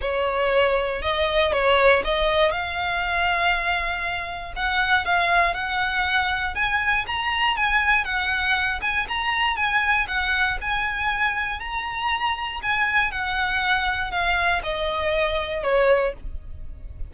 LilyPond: \new Staff \with { instrumentName = "violin" } { \time 4/4 \tempo 4 = 119 cis''2 dis''4 cis''4 | dis''4 f''2.~ | f''4 fis''4 f''4 fis''4~ | fis''4 gis''4 ais''4 gis''4 |
fis''4. gis''8 ais''4 gis''4 | fis''4 gis''2 ais''4~ | ais''4 gis''4 fis''2 | f''4 dis''2 cis''4 | }